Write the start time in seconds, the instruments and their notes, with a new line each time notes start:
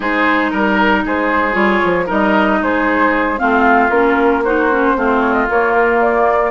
0.00 bassoon G#3, clarinet D#4, oboe G#4, flute C5
0.50 bassoon G3, flute A#4, oboe A#4
1.05 bassoon G#3, oboe G#4, flute C5
1.52 bassoon G3, clarinet F4, flute C#5
1.84 bassoon F3
2.06 bassoon G3, clarinet D#4, oboe A#4, flute D#5
2.61 bassoon G#3, oboe G#4, flute C5
3.37 bassoon A3, clarinet C4, oboe F4, flute F5
3.90 bassoon A#3, clarinet C#4, flute A#4
4.44 clarinet D#4, oboe F#4, flute C5
4.71 clarinet C#4
4.96 bassoon A3, clarinet C4, oboe F4
5.20 flute C#5
5.33 flute D#5
5.49 bassoon A#3, clarinet A#3, flute C#5
5.72 flute A#4
6.01 flute D5